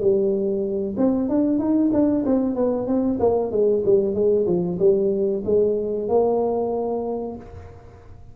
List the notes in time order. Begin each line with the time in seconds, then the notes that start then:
0.00 G3
0.97 C4
1.29 D4
1.59 D#4
1.93 D4
2.26 C4
2.55 B3
2.87 C4
3.20 A#3
3.51 G#3
3.85 G3
4.14 G#3
4.47 F3
4.79 G3
5.45 G#3
6.08 A#3